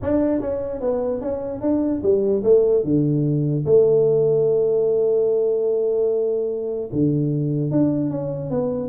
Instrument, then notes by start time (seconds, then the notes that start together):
tuba
0.01 D4
0.41 C#4
0.80 B3
1.21 C#4
1.61 D4
2.02 G3
2.43 A3
2.84 D3
3.65 A3
6.92 D3
7.71 D4
8.10 C#4
8.50 B3